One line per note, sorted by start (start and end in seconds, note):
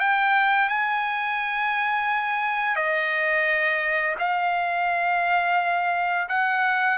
0.00 0.69 G5
0.69 2.76 G#5
2.76 4.15 D#5
4.19 6.28 F5
6.29 6.98 F#5